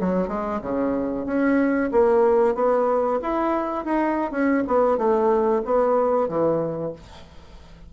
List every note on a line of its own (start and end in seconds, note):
0.00 0.28 F#3
0.28 0.60 G#3
0.62 1.26 C#3
1.26 1.91 C#4
1.92 2.55 A#3
2.55 3.19 B3
3.22 3.85 E4
3.85 4.31 D#4
4.31 4.64 C#4
4.67 4.98 B3
4.98 5.62 A3
5.65 6.28 B3
6.28 6.93 E3